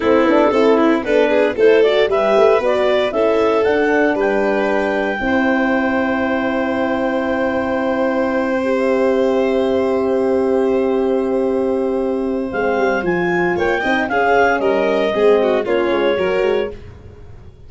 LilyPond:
<<
  \new Staff \with { instrumentName = "clarinet" } { \time 4/4 \tempo 4 = 115 a'2 b'4 c''8 d''8 | e''4 d''4 e''4 fis''4 | g''1~ | g''1~ |
g''8. e''2.~ e''16~ | e''1 | f''4 gis''4 g''4 f''4 | dis''2 cis''2 | }
  \new Staff \with { instrumentName = "violin" } { \time 4/4 e'4 a'8 e'8 a'8 gis'8 a'4 | b'2 a'2 | b'2 c''2~ | c''1~ |
c''1~ | c''1~ | c''2 cis''8 dis''8 gis'4 | ais'4 gis'8 fis'8 f'4 ais'4 | }
  \new Staff \with { instrumentName = "horn" } { \time 4/4 c'8 d'8 e'4 d'4 e'8 fis'8 | g'4 fis'4 e'4 d'4~ | d'2 e'2~ | e'1~ |
e'8 g'2.~ g'8~ | g'1 | c'4 f'4. dis'8 cis'4~ | cis'4 c'4 cis'4 fis'4 | }
  \new Staff \with { instrumentName = "tuba" } { \time 4/4 a8 b8 c'4 b4 a4 | g8 a8 b4 cis'4 d'4 | g2 c'2~ | c'1~ |
c'1~ | c'1 | gis8 g8 f4 ais8 c'8 cis'4 | g4 gis4 ais8 gis8 fis8 gis8 | }
>>